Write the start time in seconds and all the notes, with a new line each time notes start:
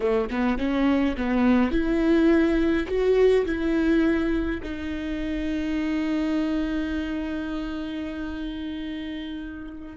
0.00 A3
0.30 B3
0.57 C#4
1.17 B3
1.71 E4
2.87 F#4
3.45 E4
4.62 D#4